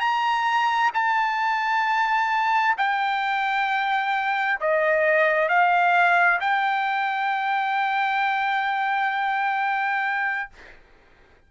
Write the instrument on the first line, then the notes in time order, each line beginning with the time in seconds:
trumpet
0.00 A#5
0.94 A5
2.78 G5
4.61 D#5
5.49 F5
6.40 G5